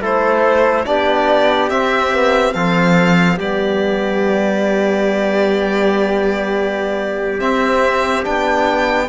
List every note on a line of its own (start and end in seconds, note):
0.00 0.85 A3
0.00 0.85 E4
0.00 0.86 A4
0.00 0.85 C5
0.85 1.70 B3
0.85 1.69 D4
0.85 2.54 G4
0.85 1.69 D5
1.69 2.11 C4
1.69 2.54 C4
1.69 2.53 E5
2.12 2.54 B3
2.53 3.39 F3
2.53 3.38 C4
2.53 3.37 A4
2.53 3.38 F5
3.37 7.40 G3
3.37 7.38 B3
3.37 9.07 G4
3.37 7.39 D5
7.38 8.23 C4
7.38 8.25 C4
7.38 8.24 E5
8.23 9.08 B3
8.23 9.07 D4
8.23 9.08 G5